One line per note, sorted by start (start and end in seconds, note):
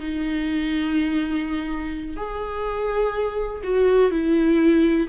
0.00 2.17 D#4
2.17 3.62 G#4
3.64 4.11 F#4
4.11 5.08 E4